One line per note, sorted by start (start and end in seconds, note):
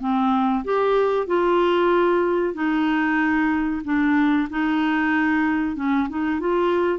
0.00 0.64 C4
0.64 1.26 G4
1.26 2.54 F4
2.54 3.82 D#4
3.84 4.48 D4
4.50 5.76 D#4
5.76 6.08 C#4
6.09 6.40 D#4
6.40 6.99 F4